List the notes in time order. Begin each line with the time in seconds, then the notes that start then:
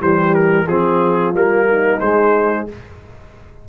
0.00 E3 G3 G4 C5
0.35 A#4
0.67 F3 C4 F4 G#4
1.34 G3 A#3 A#4
1.68 D#4
2.00 G#3 C5